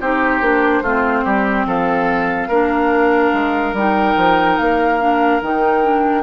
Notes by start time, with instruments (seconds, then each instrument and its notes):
0.00 bassoon C4, clarinet D#4, oboe G4, flute C5
0.40 bassoon A#3, clarinet D4
0.81 bassoon A3, clarinet C4, oboe F4
1.24 bassoon G3, oboe G4
1.65 bassoon F3, oboe A4, flute F5
2.48 bassoon A#3, clarinet D4, oboe A#4
3.33 bassoon G#3
3.72 bassoon G3, clarinet D#4, flute G5
4.16 bassoon F3
4.57 bassoon A#3, flute F5
4.99 clarinet D4
5.41 bassoon D#3, clarinet D#4, flute G5
5.83 clarinet D4